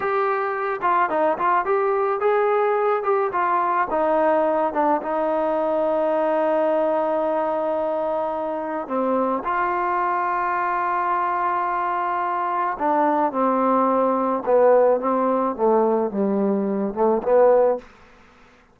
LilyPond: \new Staff \with { instrumentName = "trombone" } { \time 4/4 \tempo 4 = 108 g'4. f'8 dis'8 f'8 g'4 | gis'4. g'8 f'4 dis'4~ | dis'8 d'8 dis'2.~ | dis'1 |
c'4 f'2.~ | f'2. d'4 | c'2 b4 c'4 | a4 g4. a8 b4 | }